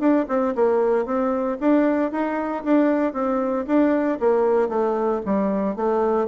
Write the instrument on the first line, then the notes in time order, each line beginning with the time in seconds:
bassoon
0.00 D4
0.29 C4
0.56 A#3
1.06 C4
1.61 D4
2.12 D#4
2.65 D4
3.14 C4
3.67 D4
4.21 A#3
4.69 A3
5.26 G3
5.77 A3